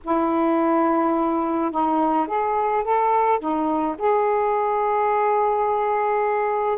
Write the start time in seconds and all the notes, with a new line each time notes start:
0.04 E4
1.71 D#4
2.27 G#4
2.84 A4
3.39 D#4
3.97 G#4